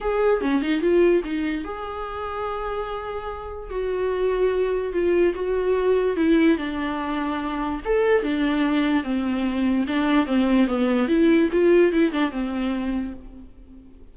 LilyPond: \new Staff \with { instrumentName = "viola" } { \time 4/4 \tempo 4 = 146 gis'4 cis'8 dis'8 f'4 dis'4 | gis'1~ | gis'4 fis'2. | f'4 fis'2 e'4 |
d'2. a'4 | d'2 c'2 | d'4 c'4 b4 e'4 | f'4 e'8 d'8 c'2 | }